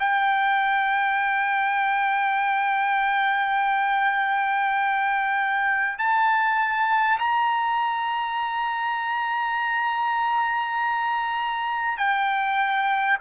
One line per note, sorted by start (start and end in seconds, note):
0.00 5.99 G5
5.99 7.19 A5
7.19 11.98 A#5
11.98 13.18 G5